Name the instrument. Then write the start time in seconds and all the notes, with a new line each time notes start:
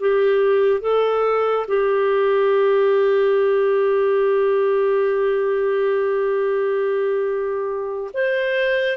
clarinet
0.00 G4
0.81 A4
1.68 G4
8.14 C5